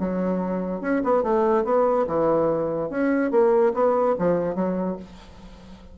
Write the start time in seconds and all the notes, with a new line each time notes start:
0.00 F#3
0.82 C#4
1.04 B3
1.24 A3
1.65 B3
2.07 E3
2.90 C#4
3.31 A#3
3.74 B3
4.19 F3
4.55 F#3